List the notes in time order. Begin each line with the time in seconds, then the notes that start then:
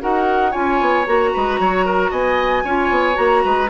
0.00 D#4 F#4 A#4 F#5
0.51 C#4 F4 C#5 G#5
0.80 B3
1.06 A#3 F#4 A#5
1.33 G#3 B4
1.59 F#3 C#5
1.85 A#4
2.10 B3 D#5 G#5
2.64 C#4 F4 C#5
2.90 B3
3.13 A#3 F#4 A#5
3.44 G#3 B4